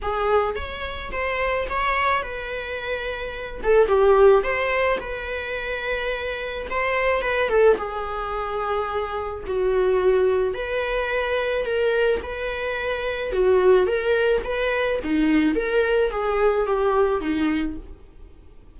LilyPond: \new Staff \with { instrumentName = "viola" } { \time 4/4 \tempo 4 = 108 gis'4 cis''4 c''4 cis''4 | b'2~ b'8 a'8 g'4 | c''4 b'2. | c''4 b'8 a'8 gis'2~ |
gis'4 fis'2 b'4~ | b'4 ais'4 b'2 | fis'4 ais'4 b'4 dis'4 | ais'4 gis'4 g'4 dis'4 | }